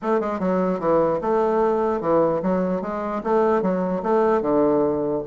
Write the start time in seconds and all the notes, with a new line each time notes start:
0.02 A3
0.20 G#3
0.39 F#3
0.79 E3
1.21 A3
2.00 E3
2.42 F#3
2.81 G#3
3.23 A3
3.61 F#3
4.03 A3
4.41 D3